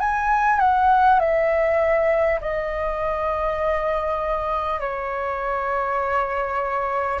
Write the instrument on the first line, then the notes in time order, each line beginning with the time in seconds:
flute
0.00 G#5
0.59 F#5
1.19 E5
2.41 D#5
4.80 C#5